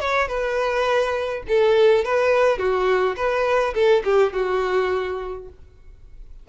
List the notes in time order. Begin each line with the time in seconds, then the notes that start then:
0.00 C#5
0.28 B4
1.47 A4
2.04 B4
2.58 F#4
3.16 B4
3.74 A4
4.04 G4
4.33 F#4